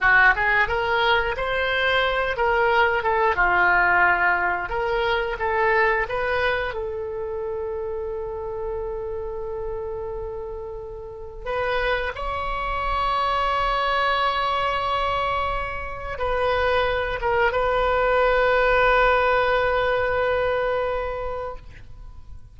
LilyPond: \new Staff \with { instrumentName = "oboe" } { \time 4/4 \tempo 4 = 89 fis'8 gis'8 ais'4 c''4. ais'8~ | ais'8 a'8 f'2 ais'4 | a'4 b'4 a'2~ | a'1~ |
a'4 b'4 cis''2~ | cis''1 | b'4. ais'8 b'2~ | b'1 | }